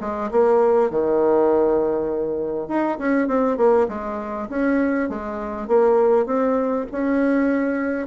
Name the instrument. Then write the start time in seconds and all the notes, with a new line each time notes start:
bassoon
0.00 G#3
0.31 A#3
0.90 D#3
2.68 D#4
2.98 C#4
3.28 C4
3.57 A#3
3.88 G#3
4.49 C#4
5.09 G#3
5.67 A#3
6.26 C4
6.91 C#4